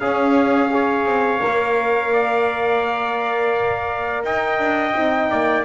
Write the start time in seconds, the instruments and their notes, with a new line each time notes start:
0.00 horn C#4, double bass C#4, trumpet G#4 F5
0.70 horn G#4, trumpet C#5
1.06 double bass C4
1.42 double bass A#3, horn A#4
2.14 trumpet D5
4.24 double bass D#4, trumpet D#5 G5
4.59 double bass D4
4.95 double bass C4, horn D#4
5.30 double bass A#3, trumpet D5